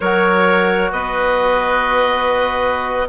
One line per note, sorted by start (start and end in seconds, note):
0.00 0.91 F#3
0.00 3.08 F#4
0.00 0.92 A#4
0.00 0.91 C#5
0.91 3.08 B3
0.91 3.08 B4
0.91 3.08 D#5